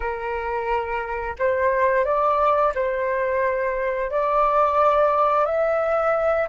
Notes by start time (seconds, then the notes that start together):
0.00 A#4
1.38 C5
2.05 D5
2.75 C5
4.10 D5
5.45 E5